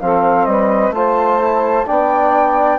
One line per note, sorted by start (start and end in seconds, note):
0.00 0.46 F3
0.00 0.94 C4
0.00 0.47 A4
0.00 0.45 F5
0.45 0.90 G3
0.45 0.94 B4
0.45 0.92 D#5
0.90 1.84 A3
0.90 1.41 F4
0.90 1.86 C5
0.90 1.87 A5
1.41 1.86 E4
1.86 2.79 B3
1.86 2.79 D4
1.86 2.79 D5
1.86 2.79 G5